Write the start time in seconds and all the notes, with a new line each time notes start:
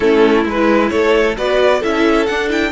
0.00 A3 C#4 E4 A4
0.44 G#3 E4 B4
0.89 A3 A4 C#5
1.36 B3 F#4 B4 D5
1.79 C#4 E4 A4 E5
2.25 D4 F#5
2.49 E4 G5